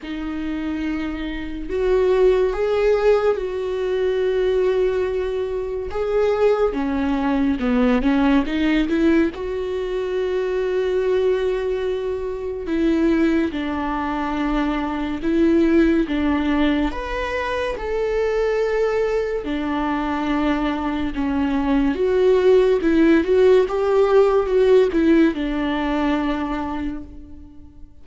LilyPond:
\new Staff \with { instrumentName = "viola" } { \time 4/4 \tempo 4 = 71 dis'2 fis'4 gis'4 | fis'2. gis'4 | cis'4 b8 cis'8 dis'8 e'8 fis'4~ | fis'2. e'4 |
d'2 e'4 d'4 | b'4 a'2 d'4~ | d'4 cis'4 fis'4 e'8 fis'8 | g'4 fis'8 e'8 d'2 | }